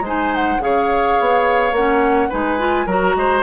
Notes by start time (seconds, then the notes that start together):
0.00 G#3 D#4 C5
0.07 G#5
0.35 F#5
0.60 C#3 G#4 C#5 F5
1.19 B3
1.71 A#3 C#4 F#5
2.29 G#3 D#4 B4 G#5
2.58 F4
2.86 F#3 F#4 A#4 A#5
3.16 G#3 C5